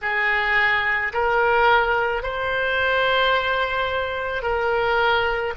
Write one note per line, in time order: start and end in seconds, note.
0.01 1.12 G#4
1.13 2.22 A#4
2.22 4.42 C5
4.42 5.53 A#4